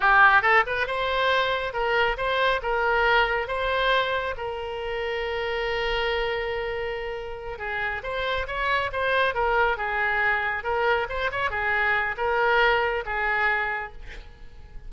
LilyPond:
\new Staff \with { instrumentName = "oboe" } { \time 4/4 \tempo 4 = 138 g'4 a'8 b'8 c''2 | ais'4 c''4 ais'2 | c''2 ais'2~ | ais'1~ |
ais'4. gis'4 c''4 cis''8~ | cis''8 c''4 ais'4 gis'4.~ | gis'8 ais'4 c''8 cis''8 gis'4. | ais'2 gis'2 | }